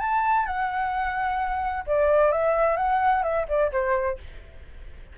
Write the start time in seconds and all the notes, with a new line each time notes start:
0.00 A5
0.46 F#5
1.87 D5
2.32 E5
2.77 F#5
3.23 E5
3.48 D5
3.72 C5